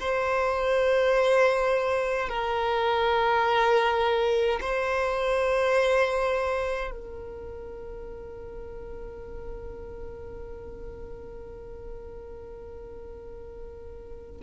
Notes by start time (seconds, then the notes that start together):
0.00 C5
2.29 A#4
4.61 C5
6.91 A#4